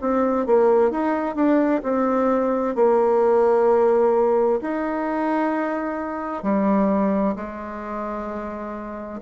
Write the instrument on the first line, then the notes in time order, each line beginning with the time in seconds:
bassoon
0.00 C4
0.46 A#3
0.90 D#4
1.35 D4
1.83 C4
2.75 A#3
4.61 D#4
6.43 G3
7.36 G#3